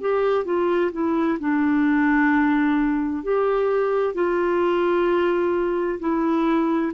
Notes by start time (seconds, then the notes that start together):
0.00 G4
0.44 F4
0.92 E4
1.39 D4
3.23 G4
4.14 F4
6.00 E4